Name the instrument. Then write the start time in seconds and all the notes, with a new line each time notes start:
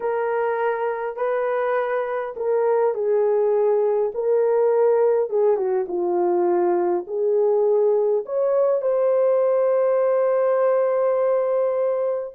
horn
0.00 A#4
1.16 B4
2.36 A#4
2.94 G#4
4.14 A#4
5.29 G#4
5.56 F#4
5.88 F4
7.07 G#4
8.25 C#5
8.81 C5